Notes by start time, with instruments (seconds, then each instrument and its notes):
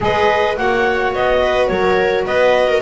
0.00 double bass G#3, saxophone G#4, viola B4, clarinet D#5
0.56 double bass A#3, saxophone F#4, viola C#5, clarinet F#5
1.13 double bass B3, clarinet D#5
1.41 viola B4
1.67 double bass F#3, viola A#4, clarinet C#5
2.25 double bass B3, viola B4, clarinet D#5
2.68 viola A#4